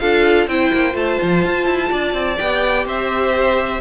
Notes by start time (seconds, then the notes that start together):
0.00 D4 F4 A4 F5
0.48 C4 E4 C5 G5
0.74 A#3
0.93 A3 F4 A5
1.23 F3
1.45 F4
1.66 E4
1.91 D4 D5
2.14 C4
2.38 B3 G4 G5
2.86 C4 C5 E5